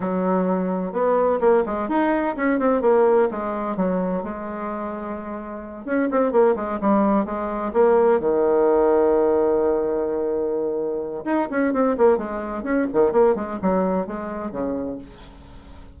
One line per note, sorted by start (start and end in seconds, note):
0.00 0.92 F#3
0.92 1.39 B3
1.40 1.63 A#3
1.65 1.88 G#3
1.88 2.35 D#4
2.36 2.59 C#4
2.59 2.81 C4
2.81 3.28 A#3
3.30 3.76 G#3
3.76 4.23 F#3
4.23 5.85 G#3
5.85 6.08 C#4
6.11 6.32 C4
6.32 6.55 A#3
6.55 6.79 G#3
6.81 7.25 G3
7.25 7.72 G#3
7.73 8.19 A#3
8.19 11.24 D#3
11.25 11.48 D#4
11.50 11.73 C#4
11.73 11.96 C4
11.97 12.17 A#3
12.17 12.63 G#3
12.63 12.86 C#4
12.93 13.11 D#3
13.11 13.35 A#3
13.35 13.58 G#3
13.62 14.06 F#3
14.06 14.51 G#3
14.51 14.98 C#3